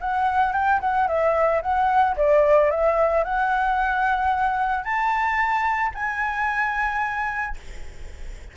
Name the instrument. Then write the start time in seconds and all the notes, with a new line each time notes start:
flute
0.00 F#5
0.53 G5
0.80 F#5
1.07 E5
1.61 F#5
2.16 D5
2.70 E5
3.24 F#5
4.84 A5
5.94 G#5